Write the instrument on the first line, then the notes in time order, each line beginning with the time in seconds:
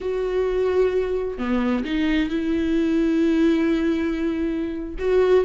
viola
0.00 F#4
1.38 B3
1.84 D#4
2.29 E4
4.98 F#4